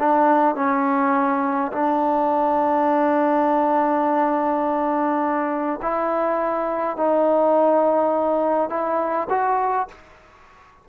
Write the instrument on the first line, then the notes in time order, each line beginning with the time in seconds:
trombone
0.00 D4
0.56 C#4
1.73 D4
5.83 E4
6.97 D#4
8.70 E4
9.30 F#4